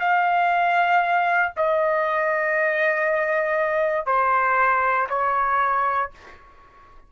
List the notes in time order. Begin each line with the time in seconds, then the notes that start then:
0.00 F5
1.57 D#5
4.06 C5
5.09 C#5